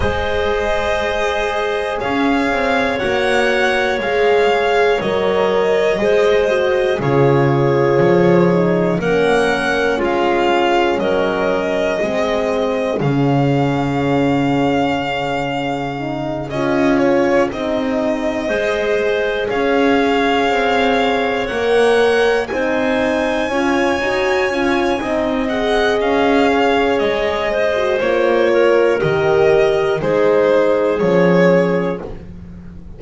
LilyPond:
<<
  \new Staff \with { instrumentName = "violin" } { \time 4/4 \tempo 4 = 60 dis''2 f''4 fis''4 | f''4 dis''2 cis''4~ | cis''4 fis''4 f''4 dis''4~ | dis''4 f''2.~ |
f''8 dis''8 cis''8 dis''2 f''8~ | f''4. fis''4 gis''4.~ | gis''4. fis''8 f''4 dis''4 | cis''4 dis''4 c''4 cis''4 | }
  \new Staff \with { instrumentName = "clarinet" } { \time 4/4 c''2 cis''2~ | cis''2 c''4 gis'4~ | gis'4 ais'4 f'4 ais'4 | gis'1~ |
gis'2~ gis'8 c''4 cis''8~ | cis''2~ cis''8 c''4 cis''8~ | cis''4 dis''4. cis''4 c''8~ | c''8 ais'4. gis'2 | }
  \new Staff \with { instrumentName = "horn" } { \time 4/4 gis'2. fis'4 | gis'4 ais'4 gis'8 fis'8 f'4~ | f'8 dis'8 cis'2. | c'4 cis'2. |
dis'8 f'4 dis'4 gis'4.~ | gis'4. ais'4 dis'4 f'8 | fis'8 f'8 dis'8 gis'2~ gis'16 fis'16 | f'4 g'4 dis'4 cis'4 | }
  \new Staff \with { instrumentName = "double bass" } { \time 4/4 gis2 cis'8 c'8 ais4 | gis4 fis4 gis4 cis4 | f4 ais4 gis4 fis4 | gis4 cis2.~ |
cis8 cis'4 c'4 gis4 cis'8~ | cis'8 c'4 ais4 c'4 cis'8 | dis'8 cis'8 c'4 cis'4 gis4 | ais4 dis4 gis4 f4 | }
>>